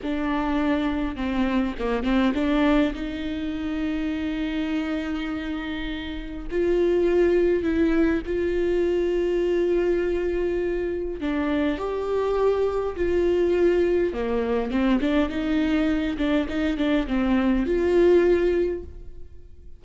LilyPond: \new Staff \with { instrumentName = "viola" } { \time 4/4 \tempo 4 = 102 d'2 c'4 ais8 c'8 | d'4 dis'2.~ | dis'2. f'4~ | f'4 e'4 f'2~ |
f'2. d'4 | g'2 f'2 | ais4 c'8 d'8 dis'4. d'8 | dis'8 d'8 c'4 f'2 | }